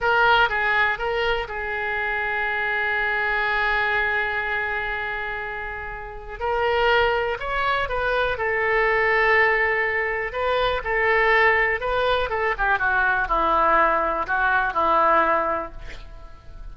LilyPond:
\new Staff \with { instrumentName = "oboe" } { \time 4/4 \tempo 4 = 122 ais'4 gis'4 ais'4 gis'4~ | gis'1~ | gis'1~ | gis'4 ais'2 cis''4 |
b'4 a'2.~ | a'4 b'4 a'2 | b'4 a'8 g'8 fis'4 e'4~ | e'4 fis'4 e'2 | }